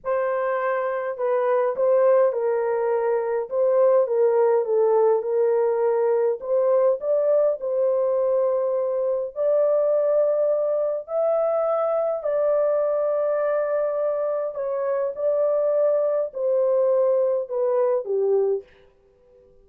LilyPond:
\new Staff \with { instrumentName = "horn" } { \time 4/4 \tempo 4 = 103 c''2 b'4 c''4 | ais'2 c''4 ais'4 | a'4 ais'2 c''4 | d''4 c''2. |
d''2. e''4~ | e''4 d''2.~ | d''4 cis''4 d''2 | c''2 b'4 g'4 | }